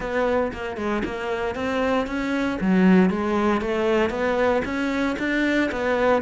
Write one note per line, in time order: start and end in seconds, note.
0.00 0.51 B3
0.52 0.76 A#3
0.76 1.02 G#3
1.05 1.55 A#3
1.55 2.06 C4
2.06 2.58 C#4
2.60 3.10 F#3
3.10 3.61 G#3
3.61 4.10 A3
4.10 4.62 B3
4.64 5.16 C#4
5.18 5.70 D4
5.71 6.22 B3